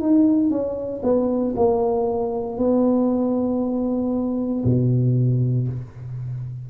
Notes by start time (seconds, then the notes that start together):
0.00 D#4
0.50 C#4
1.03 B3
1.56 A#3
2.58 B3
4.65 B2